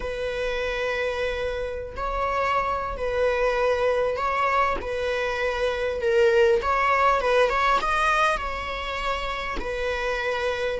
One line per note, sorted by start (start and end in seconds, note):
0.00 1.95 B4
1.96 2.97 C#5
2.97 4.16 B4
4.16 4.76 C#5
4.81 6.01 B4
6.01 6.61 A#4
6.62 7.21 C#5
7.21 7.49 B4
7.49 7.79 C#5
7.81 8.37 D#5
8.37 9.57 C#5
9.59 10.79 B4